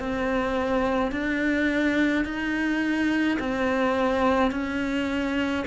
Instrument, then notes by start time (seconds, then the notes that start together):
cello
0.00 C4
1.12 D4
2.25 D#4
3.40 C4
4.51 C#4